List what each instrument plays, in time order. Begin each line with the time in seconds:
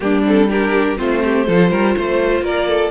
0.00 cello G3, viola A#3, violin D4 G4
0.24 viola C4, violin A4
0.49 viola D4, violin G4 A#4
0.96 cello A3, viola C4, violin F4 C5
1.24 violin G4
1.47 cello F3, viola F4, violin A4
1.70 cello G3, violin A#4
1.96 cello A3, violin C5
2.41 cello A#3, violin A#4 D5
2.68 violin A4